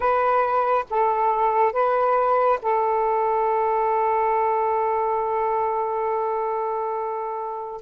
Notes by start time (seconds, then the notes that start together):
0.00 B4
0.90 A4
1.72 B4
2.62 A4